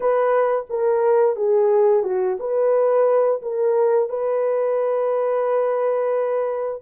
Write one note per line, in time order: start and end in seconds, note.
0.00 0.66 B4
0.69 1.36 A#4
1.36 2.03 G#4
2.03 2.37 F#4
2.39 3.41 B4
3.42 4.09 A#4
4.09 6.82 B4